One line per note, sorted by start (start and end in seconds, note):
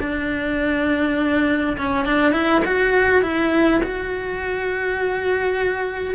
0.00 1.76 D4
1.77 2.05 C#4
2.05 2.32 D4
2.32 2.62 E4
2.65 3.22 F#4
3.22 3.80 E4
3.83 6.15 F#4